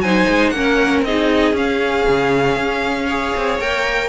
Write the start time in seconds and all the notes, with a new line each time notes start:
0.00 F#3 D#4 C5 G#5
0.29 G#3
0.50 A#3 C#4 F#5
0.57 A#4
1.02 C4 D#4 G#4 D#5
1.54 C#4 F5
2.09 C#3
2.57 C#4
3.07 G#4 C#5
3.37 C4
3.59 A#3 A#4 G5